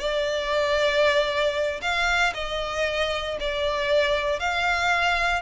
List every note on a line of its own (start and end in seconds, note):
0.00 1.81 D5
1.82 2.33 F5
2.34 3.38 D#5
3.40 4.40 D5
4.40 5.42 F5